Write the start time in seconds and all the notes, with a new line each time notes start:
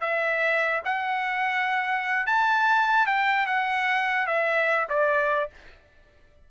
0.00 E5
0.84 F#5
2.26 A5
3.06 G5
3.46 F#5
4.27 E5
4.89 D5